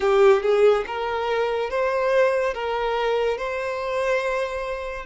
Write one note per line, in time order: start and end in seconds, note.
0.00 0.42 G4
0.42 0.85 G#4
0.86 1.69 A#4
1.69 2.54 C5
2.54 3.37 A#4
3.37 5.05 C5